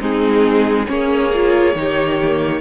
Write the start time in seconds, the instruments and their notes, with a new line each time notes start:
0.00 cello G#3, viola C4, violin D#4 G#4
0.86 cello A#3, viola C#4, violin G#4 C#5
1.33 viola F4
1.75 cello D#3, viola D#4, violin G4
2.21 viola A#3